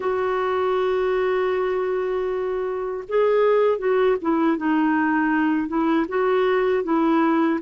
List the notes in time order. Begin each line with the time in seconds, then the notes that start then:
0.00 F#4
3.08 G#4
3.78 F#4
4.22 E4
4.57 D#4
5.68 E4
6.08 F#4
6.83 E4